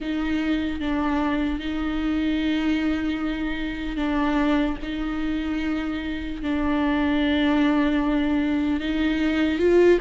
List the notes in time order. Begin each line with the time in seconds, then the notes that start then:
0.00 D#4
0.80 D4
1.59 D#4
3.96 D4
4.82 D#4
6.42 D4
8.80 D#4
9.58 F4